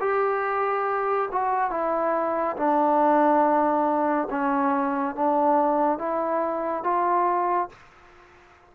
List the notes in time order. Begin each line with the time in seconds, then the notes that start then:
0.00 G4
1.31 F#4
1.70 E4
2.56 D4
4.31 C#4
5.15 D4
5.98 E4
6.83 F4